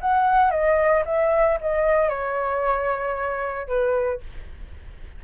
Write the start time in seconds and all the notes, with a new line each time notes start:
0.00 F#5
0.50 D#5
1.05 E5
1.60 D#5
2.09 C#5
3.67 B4